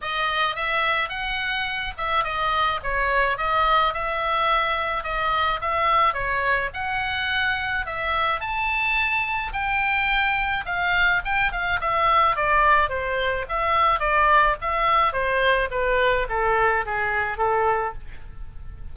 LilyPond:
\new Staff \with { instrumentName = "oboe" } { \time 4/4 \tempo 4 = 107 dis''4 e''4 fis''4. e''8 | dis''4 cis''4 dis''4 e''4~ | e''4 dis''4 e''4 cis''4 | fis''2 e''4 a''4~ |
a''4 g''2 f''4 | g''8 f''8 e''4 d''4 c''4 | e''4 d''4 e''4 c''4 | b'4 a'4 gis'4 a'4 | }